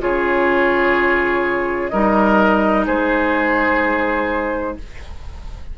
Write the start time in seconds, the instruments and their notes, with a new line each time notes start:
0.00 bassoon C#3, clarinet F4, oboe G#4, flute C#5
1.89 bassoon G3, clarinet D#4, oboe A#4, flute D#5
2.86 bassoon G#3, oboe G#4, flute C5